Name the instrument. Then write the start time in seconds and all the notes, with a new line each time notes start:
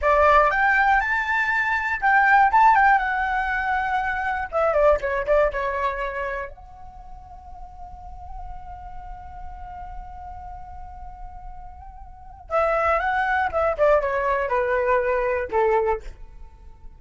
flute
0.01 D5
0.50 G5
1.00 A5
2.01 G5
2.51 A5
2.75 G5
2.98 F#5
4.51 E5
4.73 D5
5.00 C#5
5.26 D5
5.51 C#5
6.50 F#5
12.49 E5
12.99 F#5
13.51 E5
13.77 D5
14.01 C#5
14.48 B4
15.51 A4